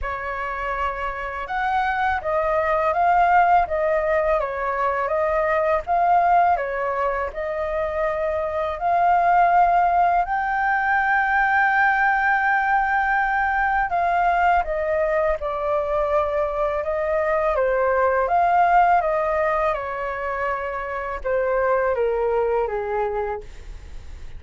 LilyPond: \new Staff \with { instrumentName = "flute" } { \time 4/4 \tempo 4 = 82 cis''2 fis''4 dis''4 | f''4 dis''4 cis''4 dis''4 | f''4 cis''4 dis''2 | f''2 g''2~ |
g''2. f''4 | dis''4 d''2 dis''4 | c''4 f''4 dis''4 cis''4~ | cis''4 c''4 ais'4 gis'4 | }